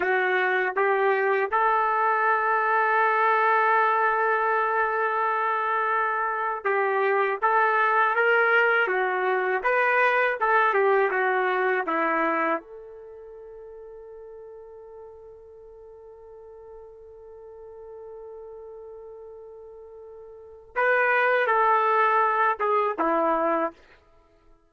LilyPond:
\new Staff \with { instrumentName = "trumpet" } { \time 4/4 \tempo 4 = 81 fis'4 g'4 a'2~ | a'1~ | a'4 g'4 a'4 ais'4 | fis'4 b'4 a'8 g'8 fis'4 |
e'4 a'2.~ | a'1~ | a'1 | b'4 a'4. gis'8 e'4 | }